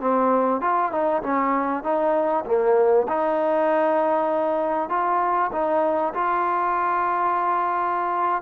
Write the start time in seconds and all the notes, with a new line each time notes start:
0.00 C4
0.61 F4
0.92 D#4
1.23 C#4
1.83 D#4
2.45 A#3
3.08 D#4
4.90 F4
5.52 D#4
6.14 F4